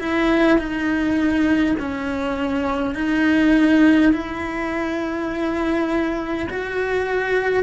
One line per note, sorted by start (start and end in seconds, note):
0.00 0.58 E4
0.58 1.76 D#4
1.80 2.95 C#4
2.95 4.13 D#4
4.13 6.49 E4
6.50 7.64 F#4